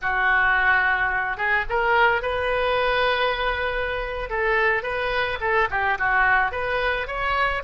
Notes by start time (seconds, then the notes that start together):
0.01 F#4
1.37 G#4
1.69 A#4
2.22 B4
4.29 A4
4.83 B4
5.40 A4
5.70 G4
5.98 F#4
6.51 B4
7.07 C#5